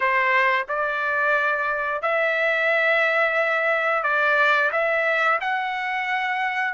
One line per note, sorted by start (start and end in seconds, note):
0.00 0.66 C5
0.68 2.01 D5
2.01 4.03 E5
4.03 4.70 D5
4.72 5.39 E5
5.40 6.74 F#5